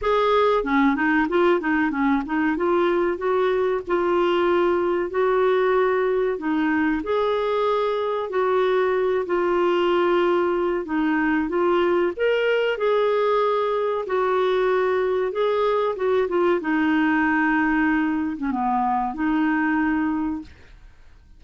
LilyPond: \new Staff \with { instrumentName = "clarinet" } { \time 4/4 \tempo 4 = 94 gis'4 cis'8 dis'8 f'8 dis'8 cis'8 dis'8 | f'4 fis'4 f'2 | fis'2 dis'4 gis'4~ | gis'4 fis'4. f'4.~ |
f'4 dis'4 f'4 ais'4 | gis'2 fis'2 | gis'4 fis'8 f'8 dis'2~ | dis'8. cis'16 b4 dis'2 | }